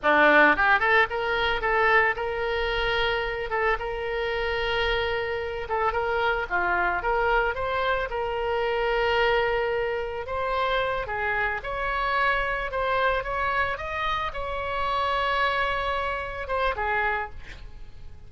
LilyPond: \new Staff \with { instrumentName = "oboe" } { \time 4/4 \tempo 4 = 111 d'4 g'8 a'8 ais'4 a'4 | ais'2~ ais'8 a'8 ais'4~ | ais'2~ ais'8 a'8 ais'4 | f'4 ais'4 c''4 ais'4~ |
ais'2. c''4~ | c''8 gis'4 cis''2 c''8~ | c''8 cis''4 dis''4 cis''4.~ | cis''2~ cis''8 c''8 gis'4 | }